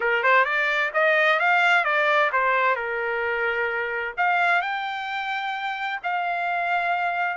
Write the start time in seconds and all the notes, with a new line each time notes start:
0.00 A#4
0.23 C5
0.44 D5
0.93 D#5
1.39 F5
1.84 D5
2.32 C5
2.75 A#4
4.17 F5
4.61 G5
6.03 F5